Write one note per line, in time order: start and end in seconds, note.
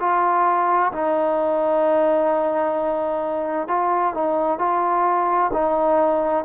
0.00 0.92 F4
0.92 3.68 D#4
3.68 4.15 F4
4.15 4.59 D#4
4.59 5.51 F4
5.53 6.45 D#4